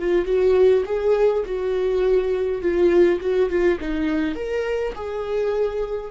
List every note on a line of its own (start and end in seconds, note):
0.00 0.26 F4
0.26 0.84 F#4
0.86 1.44 G#4
1.46 2.62 F#4
2.62 3.20 F4
3.20 3.50 F#4
3.50 3.79 F4
3.80 4.35 D#4
4.35 4.94 A#4
4.95 6.11 G#4